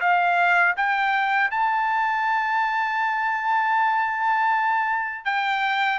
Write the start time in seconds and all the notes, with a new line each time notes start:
0.00 F5
0.76 G5
1.51 A5
5.25 G5